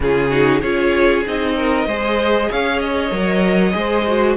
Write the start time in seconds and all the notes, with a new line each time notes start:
0.00 C#3 C#4 F4 G#4
0.30 D#4 F#4
0.60 C#4 F4 G#4 C#5
1.26 C4 D#4 D#5
1.56 A#4
1.86 G#3 G#4 C5
2.50 C#4 C#5 F5
2.79 D#5
3.11 F#3 A#4
3.71 G#3 G#4 C5
4.07 F#4